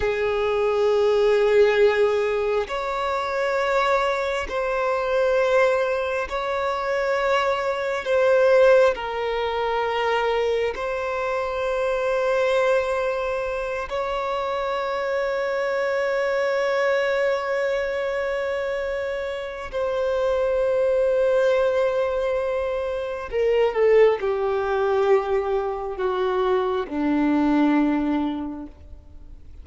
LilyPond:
\new Staff \with { instrumentName = "violin" } { \time 4/4 \tempo 4 = 67 gis'2. cis''4~ | cis''4 c''2 cis''4~ | cis''4 c''4 ais'2 | c''2.~ c''8 cis''8~ |
cis''1~ | cis''2 c''2~ | c''2 ais'8 a'8 g'4~ | g'4 fis'4 d'2 | }